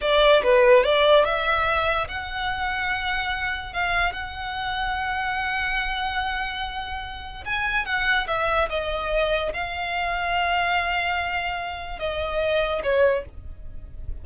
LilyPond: \new Staff \with { instrumentName = "violin" } { \time 4/4 \tempo 4 = 145 d''4 b'4 d''4 e''4~ | e''4 fis''2.~ | fis''4 f''4 fis''2~ | fis''1~ |
fis''2 gis''4 fis''4 | e''4 dis''2 f''4~ | f''1~ | f''4 dis''2 cis''4 | }